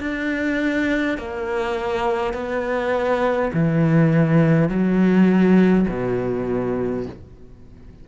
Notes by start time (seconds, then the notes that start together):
0.00 D4
1.18 A#3
2.33 B3
3.53 E3
4.68 F#3
5.88 B2